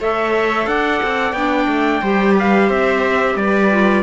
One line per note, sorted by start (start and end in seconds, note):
0.00 0.67 A3
0.00 1.35 A4
0.00 0.68 C#5
0.00 0.68 E5
0.67 1.01 D4
0.67 2.02 D5
0.67 1.34 F#5
1.03 1.33 C4
1.33 1.67 B3
1.33 2.03 D4
1.33 2.35 G5
1.68 2.02 A3
2.02 2.70 G3
2.02 3.71 G4
2.02 2.35 C5
2.35 2.67 B4
2.35 2.71 F5
2.67 3.36 C4
2.67 3.35 C5
2.67 3.37 E5
3.36 4.03 G3
3.36 4.03 B4
3.36 4.03 D5
3.71 4.03 F4